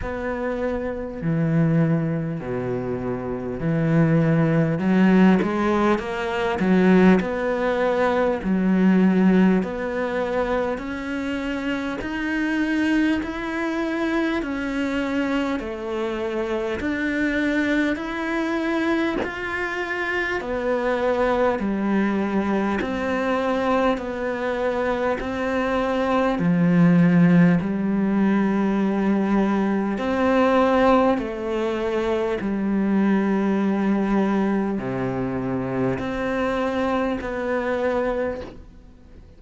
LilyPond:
\new Staff \with { instrumentName = "cello" } { \time 4/4 \tempo 4 = 50 b4 e4 b,4 e4 | fis8 gis8 ais8 fis8 b4 fis4 | b4 cis'4 dis'4 e'4 | cis'4 a4 d'4 e'4 |
f'4 b4 g4 c'4 | b4 c'4 f4 g4~ | g4 c'4 a4 g4~ | g4 c4 c'4 b4 | }